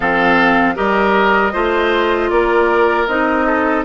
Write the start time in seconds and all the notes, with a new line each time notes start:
0.00 F3 C4 A4 F5
0.75 G3 G4 A#4 D#5
1.52 A3 F4 C5
2.30 A#3 A#4 D5
3.07 C4 D#4 D#5
3.46 A4